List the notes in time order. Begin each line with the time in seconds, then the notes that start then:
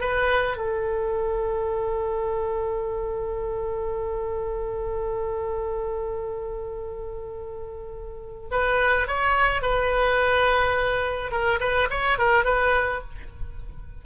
0.00 B4
0.57 A4
8.51 B4
9.07 C#5
9.61 B4
11.31 A#4
11.60 B4
11.90 C#5
12.18 A#4
12.44 B4